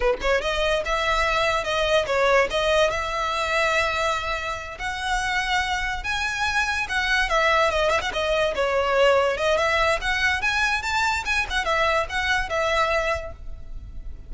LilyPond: \new Staff \with { instrumentName = "violin" } { \time 4/4 \tempo 4 = 144 b'8 cis''8 dis''4 e''2 | dis''4 cis''4 dis''4 e''4~ | e''2.~ e''8 fis''8~ | fis''2~ fis''8 gis''4.~ |
gis''8 fis''4 e''4 dis''8 e''16 fis''16 dis''8~ | dis''8 cis''2 dis''8 e''4 | fis''4 gis''4 a''4 gis''8 fis''8 | e''4 fis''4 e''2 | }